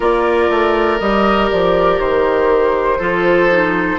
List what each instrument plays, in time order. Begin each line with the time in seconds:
0.00 bassoon A#3, clarinet F4, oboe A#4, flute D5
0.50 bassoon A3
0.99 bassoon G3, clarinet G4, flute D#5
1.50 bassoon F3, flute D5
1.99 bassoon D#3, flute C5
2.98 bassoon F3, clarinet F4, oboe A4
3.50 clarinet D#4